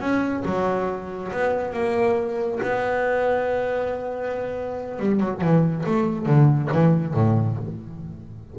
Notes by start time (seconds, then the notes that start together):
0.00 C#4
0.45 F#3
1.32 B3
1.73 A#3
2.63 B3
5.00 G3
5.20 F#3
5.41 E3
5.86 A3
6.26 D3
6.72 E3
7.14 A2